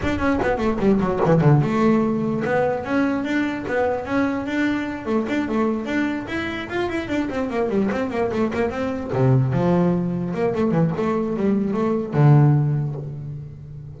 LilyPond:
\new Staff \with { instrumentName = "double bass" } { \time 4/4 \tempo 4 = 148 d'8 cis'8 b8 a8 g8 fis8 e8 d8 | a2 b4 cis'4 | d'4 b4 cis'4 d'4~ | d'8 a8 d'8 a4 d'4 e'8~ |
e'8 f'8 e'8 d'8 c'8 ais8 g8 c'8 | ais8 a8 ais8 c'4 c4 f8~ | f4. ais8 a8 e8 a4 | g4 a4 d2 | }